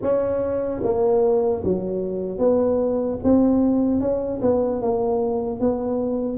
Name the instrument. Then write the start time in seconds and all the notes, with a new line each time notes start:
tuba
0.02 C#4
0.83 A#3
1.64 F#3
2.38 B3
3.23 C4
4.00 C#4
4.41 B3
4.81 A#3
5.60 B3